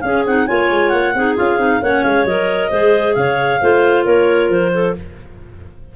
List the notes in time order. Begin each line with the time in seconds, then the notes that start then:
0.00 C#4 G#4 F5
0.24 C4 D#4 F#5
0.47 A#3 F4 C#5 G#5
0.70 G#3
0.89 A#3 F#5
1.14 C4 D#4 G#4
1.36 C#4 F4 F5
1.58 C4 D#4
1.81 A#3 C#4 C#5 F#5
2.03 G#3 F5
2.25 F#3 A#4 D#5
2.69 G#3 G#4 C5
3.14 C#3 C#5 F5
3.61 A3 F4 C5
4.05 A#3 A#4 C#5
4.49 F3 C5
4.73 A4